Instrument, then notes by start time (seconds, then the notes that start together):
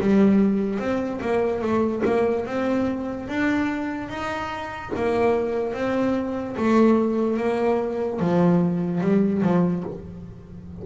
double bass
0.00 G3
0.79 C4
1.21 A#3
1.61 A3
2.05 A#3
2.46 C4
3.28 D4
4.09 D#4
4.95 A#3
5.73 C4
6.56 A3
7.37 A#3
8.19 F3
9.01 G3
9.43 F3